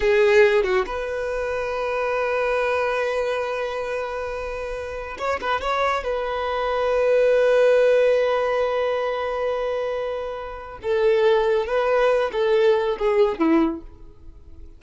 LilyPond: \new Staff \with { instrumentName = "violin" } { \time 4/4 \tempo 4 = 139 gis'4. fis'8 b'2~ | b'1~ | b'1 | cis''8 b'8 cis''4 b'2~ |
b'1~ | b'1~ | b'4 a'2 b'4~ | b'8 a'4. gis'4 e'4 | }